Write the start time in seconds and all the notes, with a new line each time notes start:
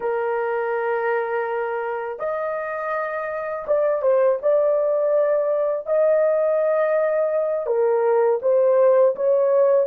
0.00 A#4
2.19 D#5
3.67 D5
4.02 C5
4.42 D5
5.86 D#5
7.66 A#4
8.41 C5
9.15 C#5